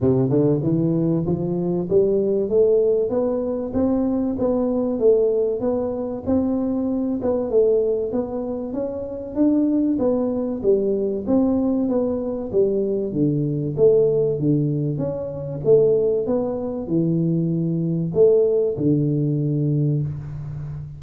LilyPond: \new Staff \with { instrumentName = "tuba" } { \time 4/4 \tempo 4 = 96 c8 d8 e4 f4 g4 | a4 b4 c'4 b4 | a4 b4 c'4. b8 | a4 b4 cis'4 d'4 |
b4 g4 c'4 b4 | g4 d4 a4 d4 | cis'4 a4 b4 e4~ | e4 a4 d2 | }